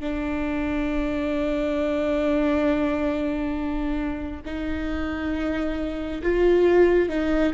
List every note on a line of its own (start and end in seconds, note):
0.00 4.41 D4
4.45 6.22 D#4
6.22 7.09 F4
7.09 7.53 D#4